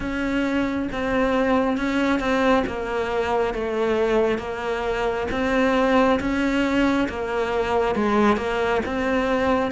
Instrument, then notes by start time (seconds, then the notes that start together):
cello
0.00 C#4
0.92 C4
1.77 C#4
2.19 C4
2.66 A#3
3.54 A3
4.38 A#3
5.31 C4
6.20 C#4
7.08 A#3
7.95 G#3
8.37 A#3
8.85 C4